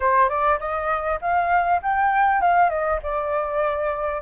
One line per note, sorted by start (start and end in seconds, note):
0.00 0.29 C5
0.29 0.59 D5
0.59 1.19 D#5
1.21 1.81 F5
1.82 2.41 G5
2.41 2.69 F5
2.69 2.99 D#5
3.02 4.21 D5